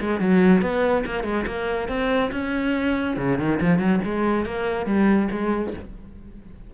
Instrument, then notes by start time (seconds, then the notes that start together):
cello
0.00 G#3
0.20 F#3
0.61 B3
1.05 A#3
1.23 G#3
1.46 A#3
1.88 C4
2.31 C#4
3.17 C#3
3.38 D#3
3.61 F3
3.79 F#3
4.04 G#3
4.45 A#3
4.85 G3
5.31 G#3